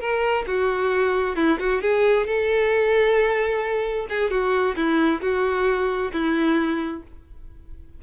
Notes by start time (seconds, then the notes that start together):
0.00 A#4
0.47 F#4
1.36 E4
1.59 F#4
1.81 G#4
2.26 A4
4.09 G#4
4.30 F#4
4.76 E4
5.21 F#4
6.12 E4